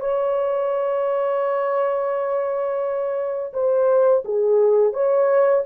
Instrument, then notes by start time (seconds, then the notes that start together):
horn
0.00 C#5
3.53 C5
4.25 G#4
4.93 C#5